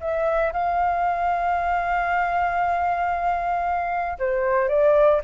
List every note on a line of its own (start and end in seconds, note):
0.00 0.52 E5
0.52 4.17 F5
4.18 4.68 C5
4.68 5.20 D5